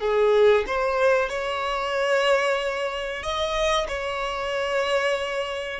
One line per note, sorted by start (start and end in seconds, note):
0.00 0.65 G#4
0.67 1.29 C5
1.29 3.23 C#5
3.23 3.87 D#5
3.87 5.79 C#5